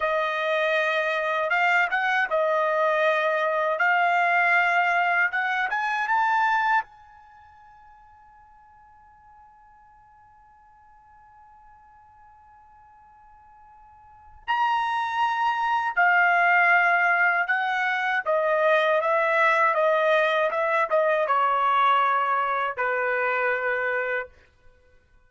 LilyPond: \new Staff \with { instrumentName = "trumpet" } { \time 4/4 \tempo 4 = 79 dis''2 f''8 fis''8 dis''4~ | dis''4 f''2 fis''8 gis''8 | a''4 gis''2.~ | gis''1~ |
gis''2. ais''4~ | ais''4 f''2 fis''4 | dis''4 e''4 dis''4 e''8 dis''8 | cis''2 b'2 | }